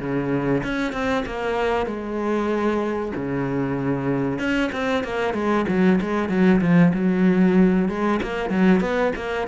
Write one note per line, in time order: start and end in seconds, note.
0.00 0.63 C#3
0.64 0.93 C#4
0.93 1.25 C4
1.26 1.87 A#3
1.87 3.13 G#3
3.16 4.40 C#3
4.40 4.71 C#4
4.73 5.04 C4
5.04 5.35 A#3
5.35 5.66 G#3
5.69 6.00 F#3
6.01 6.29 G#3
6.29 6.61 F#3
6.61 6.93 F3
6.94 7.89 F#3
7.89 8.20 G#3
8.23 8.50 A#3
8.50 8.81 F#3
8.81 9.13 B3
9.16 9.48 A#3